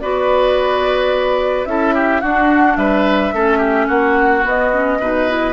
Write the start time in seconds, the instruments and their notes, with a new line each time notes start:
0.00 bassoon B3, clarinet F#4, oboe B4, flute D5
1.66 bassoon C#4, clarinet E4, oboe A4, flute E5
1.95 oboe G4
2.21 bassoon D4, clarinet D4, oboe F#4, flute F#5
2.77 bassoon G3, oboe B4, flute E5
3.33 bassoon A3, clarinet C#4, oboe A4
3.58 oboe G4
3.88 bassoon A#3, oboe F#4, flute F#5
4.44 clarinet B3, bassoon B3, flute D#5
4.73 clarinet C#4
5.00 bassoon B2, clarinet D#4, oboe B4
5.29 clarinet E4